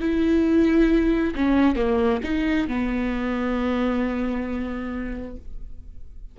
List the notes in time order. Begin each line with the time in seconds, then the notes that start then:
0.00 E4
1.35 C#4
1.75 A#3
2.23 D#4
2.68 B3